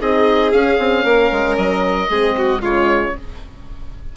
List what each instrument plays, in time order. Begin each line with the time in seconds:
0.00 bassoon C4, horn D#4, violin G#4, oboe D#5
0.51 horn C#4, bassoon C#4, oboe F5
0.78 bassoon C4
1.04 bassoon A#3, violin A#4
1.31 bassoon G#3
1.57 bassoon F#3, oboe D#5
2.09 bassoon G#3, horn C4, violin G#4
2.37 violin F#4
2.59 bassoon C#3, horn G#3, violin F4, oboe C#5